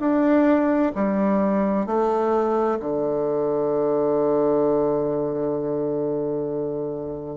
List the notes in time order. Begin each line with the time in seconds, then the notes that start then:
0.00 D4
0.96 G3
1.87 A3
2.80 D3